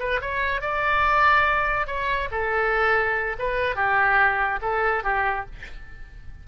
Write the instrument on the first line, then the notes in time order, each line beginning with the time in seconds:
oboe
0.00 B4
0.22 C#5
0.62 D5
1.87 C#5
2.32 A4
3.39 B4
3.76 G4
4.62 A4
5.04 G4